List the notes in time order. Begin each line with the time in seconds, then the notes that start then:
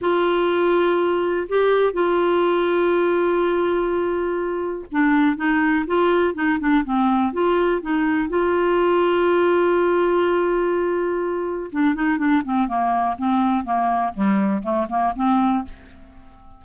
0.01 F4
1.48 G4
1.93 F4
4.91 D4
5.36 D#4
5.86 F4
6.34 D#4
6.59 D4
6.84 C4
7.33 F4
7.81 D#4
8.29 F4
11.72 D4
11.94 D#4
12.18 D4
12.45 C4
12.67 A#3
13.18 C4
13.64 A#3
14.14 G3
14.63 A3
14.89 A#3
15.15 C4